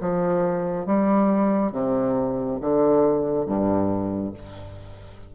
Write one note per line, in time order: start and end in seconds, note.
0.00 0.86 F3
0.86 1.72 G3
1.72 2.59 C3
2.60 3.46 D3
3.46 4.33 G2